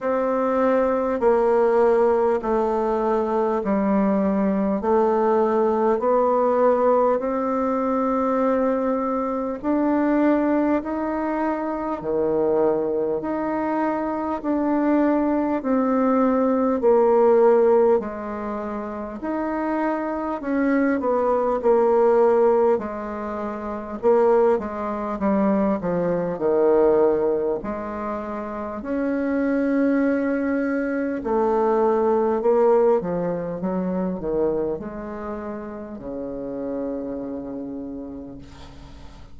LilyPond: \new Staff \with { instrumentName = "bassoon" } { \time 4/4 \tempo 4 = 50 c'4 ais4 a4 g4 | a4 b4 c'2 | d'4 dis'4 dis4 dis'4 | d'4 c'4 ais4 gis4 |
dis'4 cis'8 b8 ais4 gis4 | ais8 gis8 g8 f8 dis4 gis4 | cis'2 a4 ais8 f8 | fis8 dis8 gis4 cis2 | }